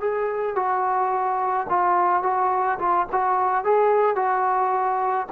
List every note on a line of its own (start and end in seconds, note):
0.00 0.56 G#4
0.56 1.67 F#4
1.69 2.23 F4
2.23 2.78 F#4
2.79 3.06 F4
3.12 3.64 F#4
3.64 4.16 G#4
4.16 5.27 F#4